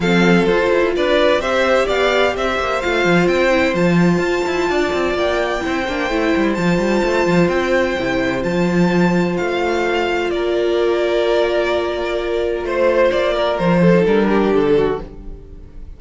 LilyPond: <<
  \new Staff \with { instrumentName = "violin" } { \time 4/4 \tempo 4 = 128 f''4 c''4 d''4 e''4 | f''4 e''4 f''4 g''4 | a''2. g''4~ | g''2 a''2 |
g''2 a''2 | f''2 d''2~ | d''2. c''4 | d''4 c''4 ais'4 a'4 | }
  \new Staff \with { instrumentName = "violin" } { \time 4/4 a'2 b'4 c''4 | d''4 c''2.~ | c''2 d''2 | c''1~ |
c''1~ | c''2 ais'2~ | ais'2. c''4~ | c''8 ais'4 a'4 g'4 fis'8 | }
  \new Staff \with { instrumentName = "viola" } { \time 4/4 c'4 f'2 g'4~ | g'2 f'4. e'8 | f'1 | e'8 d'8 e'4 f'2~ |
f'4 e'4 f'2~ | f'1~ | f'1~ | f'4.~ f'16 dis'16 d'2 | }
  \new Staff \with { instrumentName = "cello" } { \time 4/4 f4 f'8 e'8 d'4 c'4 | b4 c'8 ais8 a8 f8 c'4 | f4 f'8 e'8 d'8 c'8 ais4 | c'8 ais8 a8 g8 f8 g8 a8 f8 |
c'4 c4 f2 | a2 ais2~ | ais2. a4 | ais4 f4 g4 d4 | }
>>